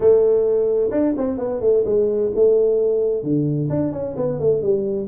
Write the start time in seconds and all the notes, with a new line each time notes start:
0.00 A3
0.91 D4
1.17 C4
1.38 B3
1.60 A3
1.85 G#3
2.35 A3
3.23 D3
3.69 D4
3.91 C#4
4.16 B3
4.39 A3
4.62 G3